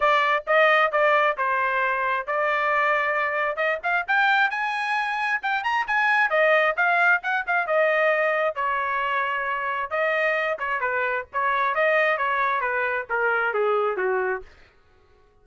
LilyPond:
\new Staff \with { instrumentName = "trumpet" } { \time 4/4 \tempo 4 = 133 d''4 dis''4 d''4 c''4~ | c''4 d''2. | dis''8 f''8 g''4 gis''2 | g''8 ais''8 gis''4 dis''4 f''4 |
fis''8 f''8 dis''2 cis''4~ | cis''2 dis''4. cis''8 | b'4 cis''4 dis''4 cis''4 | b'4 ais'4 gis'4 fis'4 | }